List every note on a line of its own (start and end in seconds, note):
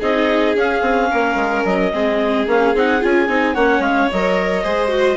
0.00 0.56 C4
0.00 0.56 D#4
0.00 1.09 G#4
0.00 0.56 D#5
0.56 0.82 C#4
0.56 1.92 C#4
0.56 1.65 F5
0.82 1.09 C4
1.11 1.35 A#3
1.11 1.92 A#4
1.35 1.63 G#3
1.65 1.92 F#3
1.65 2.47 D#5
1.92 2.47 G#3
1.92 2.47 C4
1.92 3.54 G#4
2.47 2.74 A#3
2.47 2.75 C#4
2.47 2.75 F5
2.74 3.02 C4
2.74 3.01 D#4
2.74 3.03 F#5
3.01 3.28 C#4
3.01 3.28 F4
3.01 3.55 G#5
3.28 3.56 C4
3.28 3.56 D#4
3.54 3.80 A#3
3.54 4.10 C#4
3.54 4.63 C#5
3.54 3.82 F#5
3.80 4.07 G#3
3.80 4.09 F5
4.12 4.64 F#3
4.12 4.64 A#4
4.12 5.17 D#5
4.64 5.17 G#3
4.64 4.88 G#4
4.64 5.17 C5
4.88 5.16 F#4